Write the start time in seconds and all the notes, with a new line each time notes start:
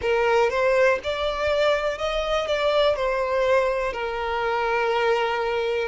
0.01 A#4
0.50 C5
1.03 D5
1.98 D#5
2.47 D5
2.96 C5
3.92 A#4